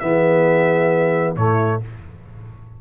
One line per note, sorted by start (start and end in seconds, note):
0.00 1.37 E3
0.00 1.36 B3
0.00 1.36 G#4
0.00 1.34 E5
1.36 1.82 A2
1.36 1.82 A3
1.36 1.81 E4
1.36 1.81 C#5